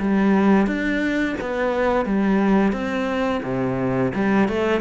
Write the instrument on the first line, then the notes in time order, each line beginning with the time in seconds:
cello
0.00 G3
0.67 D4
1.41 B3
2.06 G3
2.73 C4
3.44 C3
4.15 G3
4.49 A3